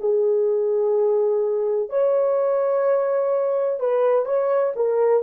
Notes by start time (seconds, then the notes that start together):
0.00 G#4
1.90 C#5
3.80 B4
4.26 C#5
4.76 A#4